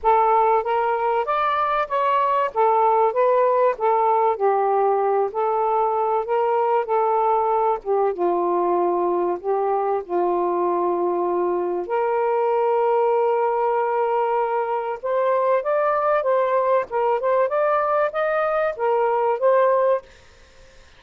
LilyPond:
\new Staff \with { instrumentName = "saxophone" } { \time 4/4 \tempo 4 = 96 a'4 ais'4 d''4 cis''4 | a'4 b'4 a'4 g'4~ | g'8 a'4. ais'4 a'4~ | a'8 g'8 f'2 g'4 |
f'2. ais'4~ | ais'1 | c''4 d''4 c''4 ais'8 c''8 | d''4 dis''4 ais'4 c''4 | }